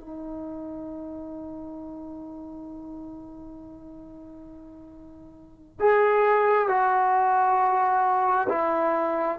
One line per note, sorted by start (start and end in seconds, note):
0.00 5.79 D#4
5.79 6.68 G#4
6.68 8.47 F#4
8.49 9.38 E4